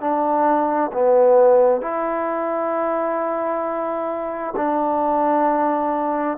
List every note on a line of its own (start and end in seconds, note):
0.00 0.91 D4
0.93 1.81 B3
1.81 4.54 E4
4.56 6.38 D4